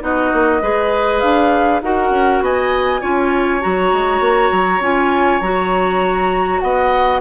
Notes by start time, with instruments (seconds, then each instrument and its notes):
0.00 bassoon B3, clarinet D#4, oboe F#4, flute D#5
0.33 bassoon A#3
0.61 bassoon G#3, clarinet G#4, oboe B4
1.20 bassoon D4, flute F5
1.82 bassoon D#4, clarinet F#4, oboe A#4, flute F#5
2.10 bassoon C#4
2.40 bassoon B3, oboe D#5, flute G#5
3.00 bassoon C#4, clarinet F4, oboe C#5
3.60 bassoon F#3, clarinet F#4, flute A#5
3.92 bassoon G#3
4.20 bassoon A#3
4.51 bassoon F#3
4.79 bassoon C#4, clarinet F4, flute G#5
5.40 bassoon F#3, clarinet F#4, flute A#5
6.60 bassoon B3, oboe D#5, flute F#5